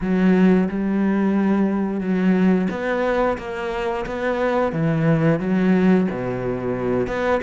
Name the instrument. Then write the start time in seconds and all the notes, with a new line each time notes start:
cello
0.01 F#3
0.69 G3
2.00 F#3
2.70 B3
3.38 A#3
4.06 B3
4.72 E3
5.39 F#3
6.10 B2
7.07 B3